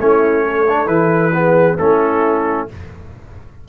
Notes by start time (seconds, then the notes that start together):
0.00 A3 C#4 E4 C#5
0.46 A4
0.69 D4
0.87 E3 E4 B4
1.34 B3 G#4
1.78 A3 C#4 E4 A4